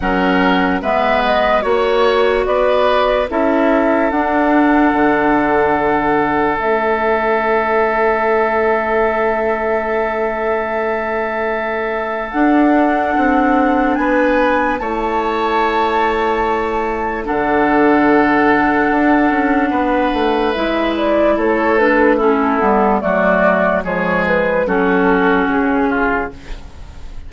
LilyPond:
<<
  \new Staff \with { instrumentName = "flute" } { \time 4/4 \tempo 4 = 73 fis''4 e''8 dis''8 cis''4 d''4 | e''4 fis''2. | e''1~ | e''2. fis''4~ |
fis''4 gis''4 a''2~ | a''4 fis''2.~ | fis''4 e''8 d''8 cis''8 b'8 a'4 | d''4 cis''8 b'8 a'4 gis'4 | }
  \new Staff \with { instrumentName = "oboe" } { \time 4/4 ais'4 b'4 cis''4 b'4 | a'1~ | a'1~ | a'1~ |
a'4 b'4 cis''2~ | cis''4 a'2. | b'2 a'4 e'4 | fis'4 gis'4 fis'4. f'8 | }
  \new Staff \with { instrumentName = "clarinet" } { \time 4/4 cis'4 b4 fis'2 | e'4 d'2. | cis'1~ | cis'2. d'4~ |
d'2 e'2~ | e'4 d'2.~ | d'4 e'4. d'8 cis'8 b8 | a4 gis4 cis'2 | }
  \new Staff \with { instrumentName = "bassoon" } { \time 4/4 fis4 gis4 ais4 b4 | cis'4 d'4 d2 | a1~ | a2. d'4 |
c'4 b4 a2~ | a4 d2 d'8 cis'8 | b8 a8 gis4 a4. g8 | fis4 f4 fis4 cis4 | }
>>